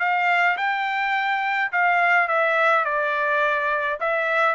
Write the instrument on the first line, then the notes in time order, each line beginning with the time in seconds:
trumpet
0.00 F5
0.58 G5
1.72 F5
2.28 E5
2.85 D5
4.01 E5